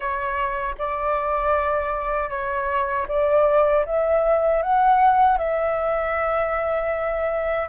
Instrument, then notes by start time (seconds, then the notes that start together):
flute
0.00 C#5
0.78 D5
2.29 C#5
3.08 D5
3.85 E5
4.62 F#5
5.38 E5